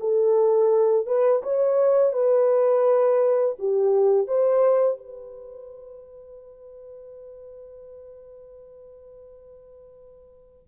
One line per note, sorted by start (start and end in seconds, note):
0.00 1.06 A4
1.06 1.42 B4
1.43 2.13 C#5
2.13 3.56 B4
3.59 4.27 G4
4.27 4.97 C5
4.97 10.68 B4